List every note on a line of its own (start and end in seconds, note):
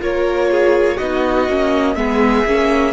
0.00 1.00 A#3
0.00 0.98 F4
0.00 0.51 A#4
0.00 0.98 C#5
0.51 0.97 G#4
0.97 1.49 B3
0.97 1.49 D#4
0.97 1.95 F#4
0.97 1.96 D#5
1.49 1.96 A#3
1.49 1.97 C#4
1.96 2.45 G#3
1.96 2.46 B3
1.96 2.94 G#4
1.96 2.94 E5
2.46 2.94 A#3
2.46 2.94 C#4